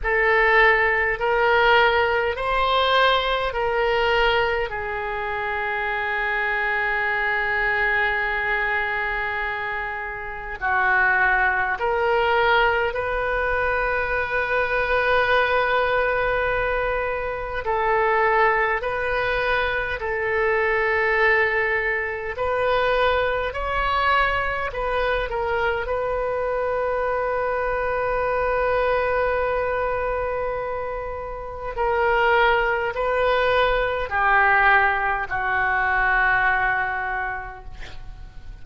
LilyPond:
\new Staff \with { instrumentName = "oboe" } { \time 4/4 \tempo 4 = 51 a'4 ais'4 c''4 ais'4 | gis'1~ | gis'4 fis'4 ais'4 b'4~ | b'2. a'4 |
b'4 a'2 b'4 | cis''4 b'8 ais'8 b'2~ | b'2. ais'4 | b'4 g'4 fis'2 | }